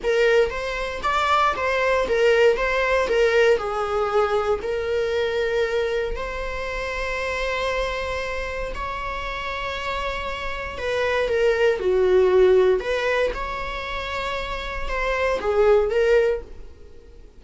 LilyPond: \new Staff \with { instrumentName = "viola" } { \time 4/4 \tempo 4 = 117 ais'4 c''4 d''4 c''4 | ais'4 c''4 ais'4 gis'4~ | gis'4 ais'2. | c''1~ |
c''4 cis''2.~ | cis''4 b'4 ais'4 fis'4~ | fis'4 b'4 cis''2~ | cis''4 c''4 gis'4 ais'4 | }